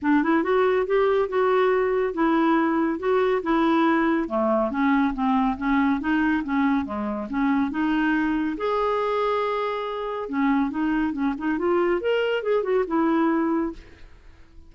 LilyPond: \new Staff \with { instrumentName = "clarinet" } { \time 4/4 \tempo 4 = 140 d'8 e'8 fis'4 g'4 fis'4~ | fis'4 e'2 fis'4 | e'2 a4 cis'4 | c'4 cis'4 dis'4 cis'4 |
gis4 cis'4 dis'2 | gis'1 | cis'4 dis'4 cis'8 dis'8 f'4 | ais'4 gis'8 fis'8 e'2 | }